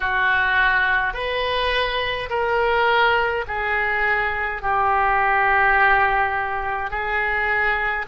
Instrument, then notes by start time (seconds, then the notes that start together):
oboe
0.00 F#4
1.13 B4
2.29 A#4
3.47 G#4
4.62 G4
6.90 G#4